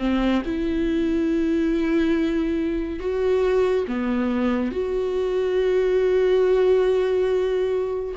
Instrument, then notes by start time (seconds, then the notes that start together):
viola
0.00 C4
0.46 E4
3.00 F#4
3.88 B3
4.72 F#4